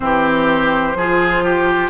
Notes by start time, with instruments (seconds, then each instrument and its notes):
0.00 bassoon E3, clarinet C4, oboe G4, flute C5
0.94 bassoon F3, clarinet F4, oboe G#4
1.43 oboe G4